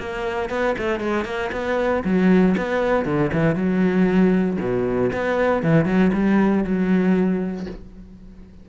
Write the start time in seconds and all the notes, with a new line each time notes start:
0.00 A#3
0.50 B3
0.79 A3
1.00 G#3
1.25 A#3
1.52 B3
2.05 F#3
2.58 B3
3.06 D3
3.33 E3
3.55 F#3
4.60 B2
5.13 B3
5.63 E3
5.86 F#3
6.14 G3
6.64 F#3